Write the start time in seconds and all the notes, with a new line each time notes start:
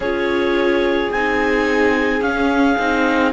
0.00 C#4 F4 G#4 C#5
1.11 C4 D#4 G#5
2.21 C#4 F5
2.78 C4 D#4